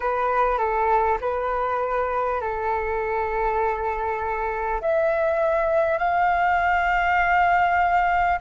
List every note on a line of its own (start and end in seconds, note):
0.00 0.58 B4
0.58 1.18 A4
1.21 2.40 B4
2.40 4.80 A4
4.81 5.98 E5
5.98 8.38 F5